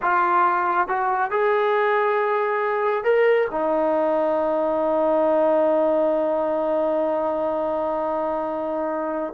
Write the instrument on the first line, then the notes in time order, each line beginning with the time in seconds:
trombone
0.02 F4
0.88 F#4
1.30 G#4
3.04 A#4
3.50 D#4